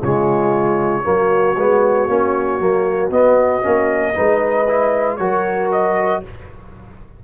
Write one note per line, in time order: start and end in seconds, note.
0.00 1.06 C#3
0.00 1.04 G#3
0.00 1.03 F4
0.00 3.12 C#5
1.04 1.56 F#3
1.04 1.55 A#3
1.04 4.15 F#4
1.56 2.08 G#3
1.56 2.09 B3
2.08 2.60 A#3
2.08 2.59 C#4
2.59 3.11 F#3
2.59 3.11 A#3
3.11 3.63 B3
3.11 5.17 D#5
3.63 4.17 A#3
3.63 4.14 C#4
4.15 5.20 G#3
4.15 4.66 D#4
4.15 5.19 B4
4.68 5.20 E4
5.17 6.23 F#3
5.17 6.23 F#4
5.17 6.24 A#4
5.17 5.69 C#5
5.72 6.24 D#5